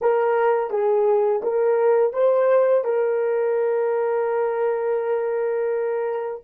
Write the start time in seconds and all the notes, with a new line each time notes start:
0.01 A#4
0.70 G#4
1.43 A#4
2.13 C5
2.84 A#4